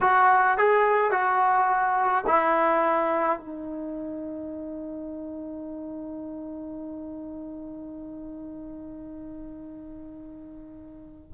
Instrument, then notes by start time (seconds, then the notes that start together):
trombone
0.01 F#4
0.57 G#4
1.11 F#4
2.26 E4
3.39 D#4